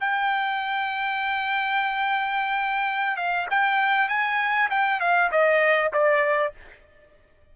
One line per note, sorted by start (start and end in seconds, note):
0.00 3.16 G5
3.16 3.47 F5
3.50 4.09 G5
4.09 4.69 G#5
4.70 5.00 G5
5.00 5.30 F5
5.31 5.92 D#5
5.93 6.53 D5